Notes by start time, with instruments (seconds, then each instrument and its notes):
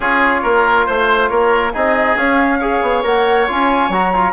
0.00 bassoon C#4, trombone F4, oboe G#4, flute C#5
0.42 bassoon A#3, oboe A#4
0.86 bassoon A3, flute C5, oboe C5
1.28 bassoon A#3, oboe A#4, flute C#5
1.73 bassoon C4, trombone D#4, oboe G#4, flute D#5
2.16 bassoon C#4, trombone C#4, flute F5
2.59 trombone G#4, oboe C#5
2.81 bassoon B3
3.03 bassoon A#3, trombone A#4, flute F#5
3.47 bassoon C#4, trombone F4, flute G#5
3.89 bassoon F#3, trombone F#4, flute A#5
4.14 trombone F4